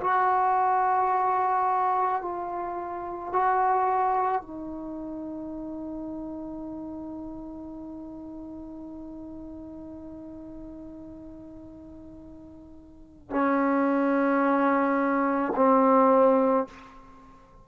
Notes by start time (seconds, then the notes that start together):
0.00 F#4
2.22 F4
3.32 F#4
4.41 D#4
13.30 C#4
15.56 C4